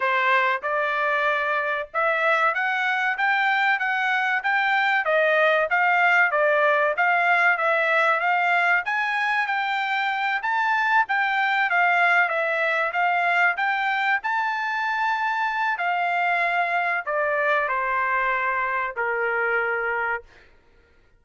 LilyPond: \new Staff \with { instrumentName = "trumpet" } { \time 4/4 \tempo 4 = 95 c''4 d''2 e''4 | fis''4 g''4 fis''4 g''4 | dis''4 f''4 d''4 f''4 | e''4 f''4 gis''4 g''4~ |
g''8 a''4 g''4 f''4 e''8~ | e''8 f''4 g''4 a''4.~ | a''4 f''2 d''4 | c''2 ais'2 | }